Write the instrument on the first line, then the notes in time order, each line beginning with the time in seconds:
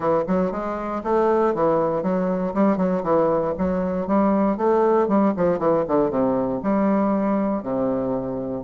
bassoon
0.00 E3
0.27 F#3
0.51 G#3
1.03 A3
1.54 E3
2.02 F#3
2.54 G3
2.77 F#3
3.03 E3
3.58 F#3
4.07 G3
4.57 A3
5.08 G3
5.36 F3
5.58 E3
5.88 D3
6.10 C3
6.62 G3
7.62 C3